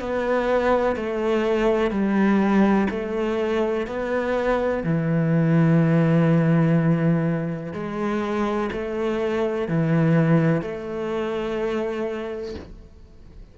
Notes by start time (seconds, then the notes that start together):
0.00 B3
0.96 A3
1.91 G3
2.90 A3
3.87 B3
4.83 E3
7.73 G#3
8.72 A3
9.68 E3
10.61 A3